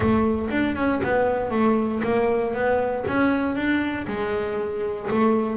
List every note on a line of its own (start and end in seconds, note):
0.00 0.48 A3
0.50 0.75 D4
0.75 1.01 C#4
1.03 1.50 B3
1.50 2.01 A3
2.03 2.54 A#3
2.54 3.04 B3
3.07 3.55 C#4
3.55 4.06 D4
4.07 5.08 G#3
5.10 5.56 A3